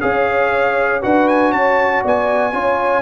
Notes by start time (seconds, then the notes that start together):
0.00 C#4 G#4 C#5 F5
1.01 D4 F#4 B4 F#5
1.28 G#5
1.52 C#4 C#5 A5
2.01 B3 D5 G#5
2.53 C#4 F4 C#5